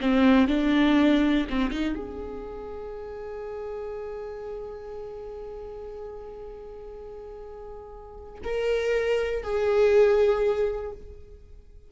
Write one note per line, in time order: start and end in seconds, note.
0.00 0.48 C4
0.48 1.47 D4
1.49 1.71 C4
1.71 1.95 D#4
1.95 8.39 G#4
8.43 9.43 A#4
9.43 10.91 G#4